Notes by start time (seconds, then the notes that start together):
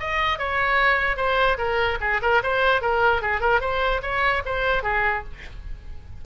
0.00 D#5
0.39 C#5
1.17 C5
1.58 A#4
2.01 G#4
2.22 A#4
2.43 C5
2.81 A#4
3.22 G#4
3.41 A#4
3.61 C5
4.02 C#5
4.46 C5
4.83 G#4